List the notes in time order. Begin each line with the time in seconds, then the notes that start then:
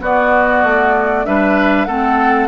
0.00 B3 F#4 D5
0.63 A3
1.25 G3 D4 B4 E5
1.85 A3 C4 A4 F#5